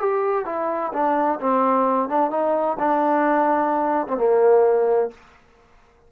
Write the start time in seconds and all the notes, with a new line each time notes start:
0.00 G4
0.45 E4
0.93 D4
1.40 C4
2.09 D4
2.31 D#4
2.79 D4
4.07 C4
4.18 A#3